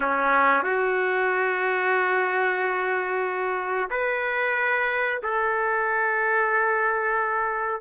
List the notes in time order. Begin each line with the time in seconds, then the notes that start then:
0.00 C#4
0.63 F#4
3.90 B4
5.23 A4